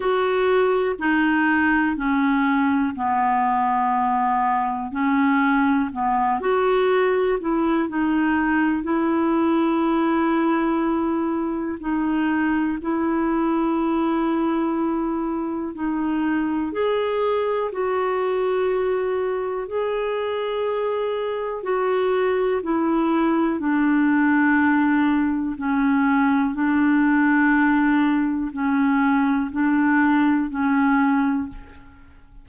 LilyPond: \new Staff \with { instrumentName = "clarinet" } { \time 4/4 \tempo 4 = 61 fis'4 dis'4 cis'4 b4~ | b4 cis'4 b8 fis'4 e'8 | dis'4 e'2. | dis'4 e'2. |
dis'4 gis'4 fis'2 | gis'2 fis'4 e'4 | d'2 cis'4 d'4~ | d'4 cis'4 d'4 cis'4 | }